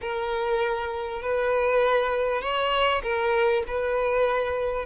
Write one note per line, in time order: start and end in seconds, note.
0.01 1.21 A#4
1.21 2.41 B4
2.41 3.02 C#5
3.02 3.63 A#4
3.67 4.85 B4